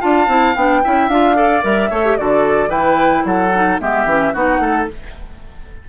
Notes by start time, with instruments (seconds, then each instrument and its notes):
0.00 bassoon D4, clarinet F4, oboe F5, flute A5
0.28 bassoon C4, clarinet E4
0.56 bassoon B3, clarinet D4, flute G5
0.84 bassoon C#4, clarinet E4, oboe E5
1.08 bassoon D4, clarinet F4, flute F5
1.35 clarinet A4, oboe D5
1.62 bassoon G3, clarinet A#4, flute E5
1.90 bassoon A3, clarinet A4, oboe C#5
2.05 clarinet G4
2.18 bassoon D3, clarinet F#4, oboe A4, flute D5
2.68 bassoon E3, clarinet E4, oboe B4, flute G5
3.25 bassoon F#3, oboe A4, flute F#5
3.55 clarinet D#4
3.80 bassoon G#3, clarinet B3, oboe G4, flute E5
4.05 bassoon E3, clarinet C#4
4.34 bassoon B3, clarinet D#4, oboe F#4, flute F#5
4.59 bassoon A3, oboe A4